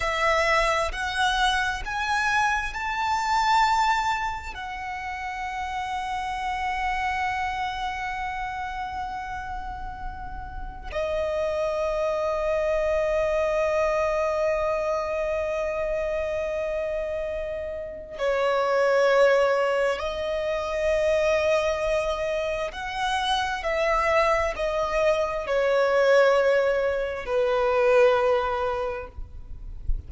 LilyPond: \new Staff \with { instrumentName = "violin" } { \time 4/4 \tempo 4 = 66 e''4 fis''4 gis''4 a''4~ | a''4 fis''2.~ | fis''1 | dis''1~ |
dis''1 | cis''2 dis''2~ | dis''4 fis''4 e''4 dis''4 | cis''2 b'2 | }